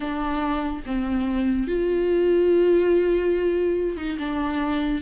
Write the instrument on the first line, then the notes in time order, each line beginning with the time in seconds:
viola
0.00 D4
0.86 C4
1.67 F4
3.96 D#4
4.19 D4